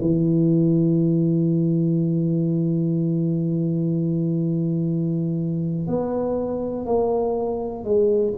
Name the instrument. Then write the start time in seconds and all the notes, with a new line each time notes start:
tuba
0.00 E3
5.87 B3
6.85 A#3
7.84 G#3